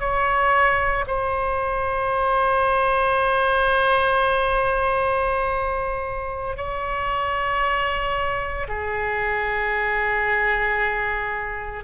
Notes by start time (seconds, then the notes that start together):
0.00 C#5
1.08 C5
6.57 C#5
8.68 G#4